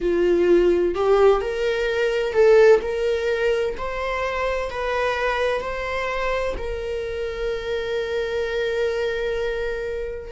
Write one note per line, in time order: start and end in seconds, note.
0.00 0.94 F4
0.94 1.41 G4
1.41 2.33 A#4
2.33 2.80 A4
2.81 3.75 A#4
3.78 4.70 C5
4.70 5.60 B4
5.60 6.54 C5
6.57 10.31 A#4